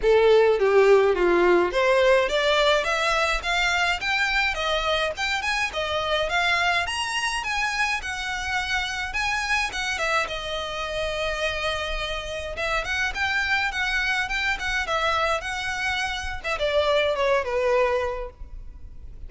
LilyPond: \new Staff \with { instrumentName = "violin" } { \time 4/4 \tempo 4 = 105 a'4 g'4 f'4 c''4 | d''4 e''4 f''4 g''4 | dis''4 g''8 gis''8 dis''4 f''4 | ais''4 gis''4 fis''2 |
gis''4 fis''8 e''8 dis''2~ | dis''2 e''8 fis''8 g''4 | fis''4 g''8 fis''8 e''4 fis''4~ | fis''8. e''16 d''4 cis''8 b'4. | }